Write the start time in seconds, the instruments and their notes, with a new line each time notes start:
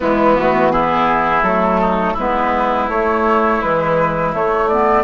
0.00 bassoon E3, clarinet G#3, oboe B3, flute E4
0.35 clarinet A3, flute F#4
0.71 clarinet B3, oboe E4, flute G#4
1.42 bassoon F#3, clarinet A3, flute A4
1.81 oboe D#4
2.13 bassoon G#3, clarinet B3, oboe E4, flute B4
2.88 bassoon A3, clarinet A3, flute C#5
3.61 clarinet E3, bassoon G#3, flute B4
4.32 clarinet A3, bassoon A3, flute C#5
4.67 clarinet B3, flute D5